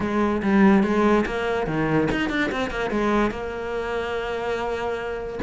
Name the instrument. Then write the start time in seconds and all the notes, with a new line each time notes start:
cello
0.00 G#3
0.42 G3
0.83 G#3
1.26 A#3
1.66 D#3
2.11 D#4
2.29 D4
2.51 C4
2.70 A#3
2.90 G#3
3.30 A#3